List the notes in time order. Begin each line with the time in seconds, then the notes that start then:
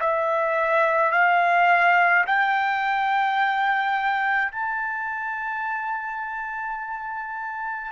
0.00 E5
1.12 F5
2.26 G5
4.52 A5